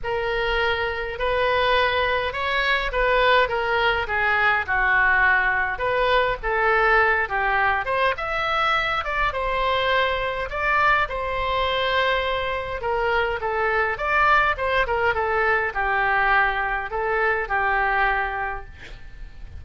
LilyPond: \new Staff \with { instrumentName = "oboe" } { \time 4/4 \tempo 4 = 103 ais'2 b'2 | cis''4 b'4 ais'4 gis'4 | fis'2 b'4 a'4~ | a'8 g'4 c''8 e''4. d''8 |
c''2 d''4 c''4~ | c''2 ais'4 a'4 | d''4 c''8 ais'8 a'4 g'4~ | g'4 a'4 g'2 | }